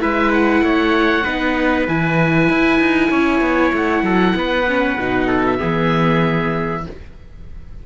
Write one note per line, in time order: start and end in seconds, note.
0.00 0.62 G#3
0.00 1.24 E4
0.00 0.64 B4
0.00 0.32 E5
0.33 1.88 F#5
0.62 1.24 A3
0.62 1.24 C#5
1.24 1.88 B3
1.24 1.88 D#4
1.24 3.10 B4
1.88 2.49 E3
1.88 4.67 E4
1.88 3.74 G#5
2.49 2.80 E4
2.80 3.11 D#4
3.11 3.41 C#4
3.11 4.03 C#5
3.41 3.72 B3
3.74 4.03 A3
3.74 5.47 F#5
4.03 4.34 F#3
4.03 4.36 A4
4.36 4.98 B3
4.36 5.27 B4
4.68 4.99 C#4
4.99 5.61 B2
4.99 5.58 D#4
5.27 5.58 A4
5.47 6.86 E5
5.58 6.86 E3
5.58 6.82 B3
5.58 6.84 G#4